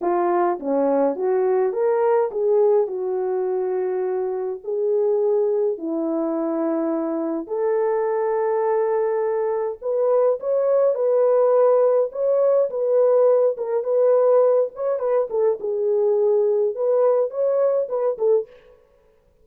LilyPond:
\new Staff \with { instrumentName = "horn" } { \time 4/4 \tempo 4 = 104 f'4 cis'4 fis'4 ais'4 | gis'4 fis'2. | gis'2 e'2~ | e'4 a'2.~ |
a'4 b'4 cis''4 b'4~ | b'4 cis''4 b'4. ais'8 | b'4. cis''8 b'8 a'8 gis'4~ | gis'4 b'4 cis''4 b'8 a'8 | }